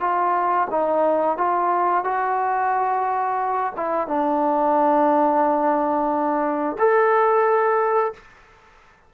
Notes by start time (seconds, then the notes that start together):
0.00 F4
0.70 D#4
1.37 F4
2.04 F#4
3.76 E4
4.07 D4
6.78 A4